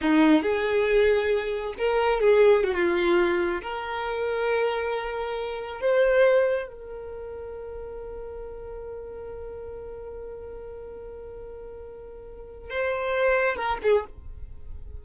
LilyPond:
\new Staff \with { instrumentName = "violin" } { \time 4/4 \tempo 4 = 137 dis'4 gis'2. | ais'4 gis'4 fis'16 f'4.~ f'16~ | f'16 ais'2.~ ais'8.~ | ais'4~ ais'16 c''2 ais'8.~ |
ais'1~ | ais'1~ | ais'1~ | ais'4 c''2 ais'8 gis'8 | }